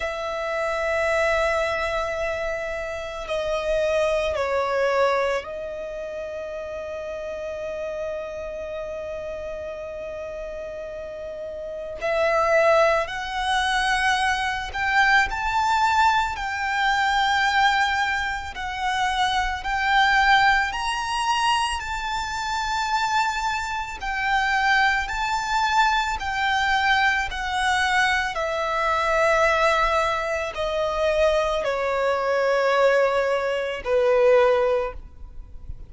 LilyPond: \new Staff \with { instrumentName = "violin" } { \time 4/4 \tempo 4 = 55 e''2. dis''4 | cis''4 dis''2.~ | dis''2. e''4 | fis''4. g''8 a''4 g''4~ |
g''4 fis''4 g''4 ais''4 | a''2 g''4 a''4 | g''4 fis''4 e''2 | dis''4 cis''2 b'4 | }